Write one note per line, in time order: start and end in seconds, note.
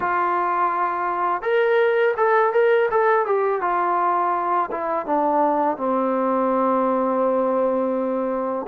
0.00 1.42 F4
1.42 2.14 A#4
2.16 2.52 A4
2.53 2.89 A#4
2.90 3.26 A4
3.26 3.61 G4
3.61 4.70 F4
4.71 5.06 E4
5.06 5.77 D4
5.77 8.66 C4